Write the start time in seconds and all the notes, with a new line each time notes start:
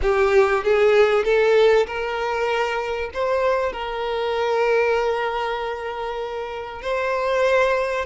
0.02 G4
0.64 G#4
1.24 A4
1.86 A#4
3.13 C5
3.72 A#4
6.82 C5